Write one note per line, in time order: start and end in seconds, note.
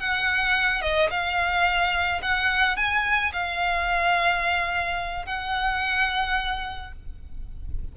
0.00 0.82 F#5
0.82 1.10 D#5
1.11 2.22 F5
2.22 2.77 F#5
2.77 3.32 G#5
3.33 5.26 F5
5.26 6.93 F#5